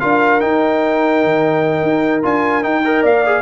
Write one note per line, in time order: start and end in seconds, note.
0.00 0.43 D4
0.00 0.41 F4
0.00 2.86 A#4
0.00 0.40 F5
0.40 2.23 D#4
0.40 1.24 D#4
0.40 2.23 G5
1.24 1.83 D#3
1.83 2.23 D#4
2.23 2.64 D4
2.23 2.62 F4
2.23 2.64 G#5
2.62 2.83 D#4
2.62 3.04 D#4
2.62 3.04 G5
2.85 3.25 A#4
2.85 3.02 D#5
3.02 3.42 A#3
3.02 3.42 D5
3.02 3.42 F5
3.26 3.42 G#4